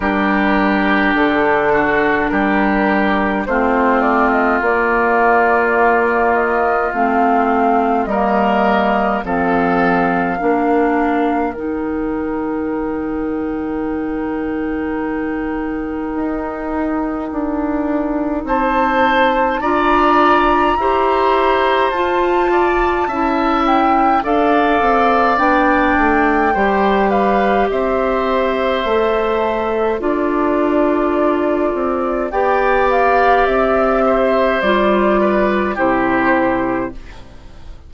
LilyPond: <<
  \new Staff \with { instrumentName = "flute" } { \time 4/4 \tempo 4 = 52 ais'4 a'4 ais'4 c''8 d''16 dis''16 | d''4. dis''8 f''4 dis''4 | f''2 g''2~ | g''1 |
a''4 ais''2 a''4~ | a''8 g''8 f''4 g''4. f''8 | e''2 d''2 | g''8 f''8 e''4 d''4 c''4 | }
  \new Staff \with { instrumentName = "oboe" } { \time 4/4 g'4. fis'8 g'4 f'4~ | f'2. ais'4 | a'4 ais'2.~ | ais'1 |
c''4 d''4 c''4. d''8 | e''4 d''2 c''8 b'8 | c''2 a'2 | d''4. c''4 b'8 g'4 | }
  \new Staff \with { instrumentName = "clarinet" } { \time 4/4 d'2. c'4 | ais2 c'4 ais4 | c'4 d'4 dis'2~ | dis'1~ |
dis'4 f'4 g'4 f'4 | e'4 a'4 d'4 g'4~ | g'4 a'4 f'2 | g'2 f'4 e'4 | }
  \new Staff \with { instrumentName = "bassoon" } { \time 4/4 g4 d4 g4 a4 | ais2 a4 g4 | f4 ais4 dis2~ | dis2 dis'4 d'4 |
c'4 d'4 e'4 f'4 | cis'4 d'8 c'8 b8 a8 g4 | c'4 a4 d'4. c'8 | b4 c'4 g4 c4 | }
>>